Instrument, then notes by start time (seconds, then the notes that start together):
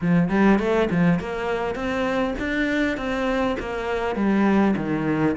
cello
0.01 F3
0.29 G3
0.59 A3
0.90 F3
1.19 A#3
1.75 C4
2.39 D4
2.97 C4
3.59 A#3
4.15 G3
4.76 D#3